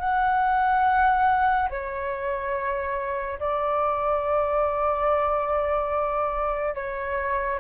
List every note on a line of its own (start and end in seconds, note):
0.00 1.69 F#5
1.70 3.39 C#5
3.40 6.75 D5
6.75 7.59 C#5